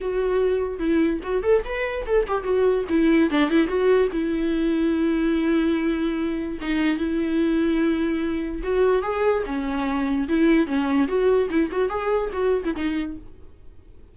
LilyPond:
\new Staff \with { instrumentName = "viola" } { \time 4/4 \tempo 4 = 146 fis'2 e'4 fis'8 a'8 | b'4 a'8 g'8 fis'4 e'4 | d'8 e'8 fis'4 e'2~ | e'1 |
dis'4 e'2.~ | e'4 fis'4 gis'4 cis'4~ | cis'4 e'4 cis'4 fis'4 | e'8 fis'8 gis'4 fis'8. e'16 dis'4 | }